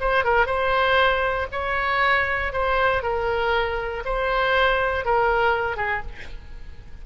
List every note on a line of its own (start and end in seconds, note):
0.00 0.24 C5
0.24 0.46 A#4
0.46 1.47 C5
1.51 2.52 C#5
2.53 3.02 C5
3.02 4.03 A#4
4.05 5.05 C5
5.05 5.76 A#4
5.76 6.02 G#4